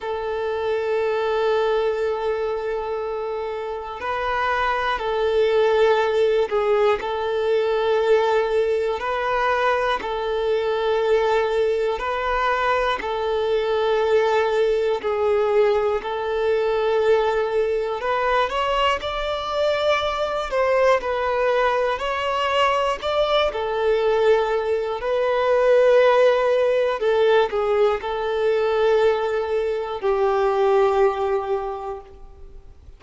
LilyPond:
\new Staff \with { instrumentName = "violin" } { \time 4/4 \tempo 4 = 60 a'1 | b'4 a'4. gis'8 a'4~ | a'4 b'4 a'2 | b'4 a'2 gis'4 |
a'2 b'8 cis''8 d''4~ | d''8 c''8 b'4 cis''4 d''8 a'8~ | a'4 b'2 a'8 gis'8 | a'2 g'2 | }